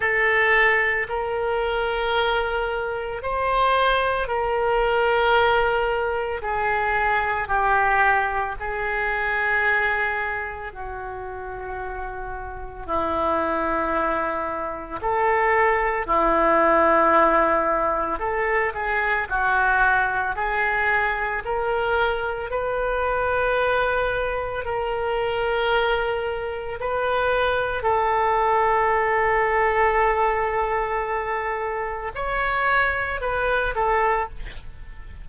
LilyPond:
\new Staff \with { instrumentName = "oboe" } { \time 4/4 \tempo 4 = 56 a'4 ais'2 c''4 | ais'2 gis'4 g'4 | gis'2 fis'2 | e'2 a'4 e'4~ |
e'4 a'8 gis'8 fis'4 gis'4 | ais'4 b'2 ais'4~ | ais'4 b'4 a'2~ | a'2 cis''4 b'8 a'8 | }